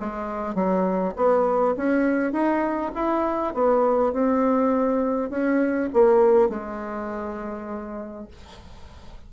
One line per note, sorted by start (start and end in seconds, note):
0.00 0.55 G#3
0.55 1.14 F#3
1.16 1.76 B3
1.77 2.32 C#4
2.32 2.92 D#4
2.95 3.54 E4
3.54 4.13 B3
4.13 5.30 C4
5.30 5.89 C#4
5.93 6.49 A#3
6.49 8.28 G#3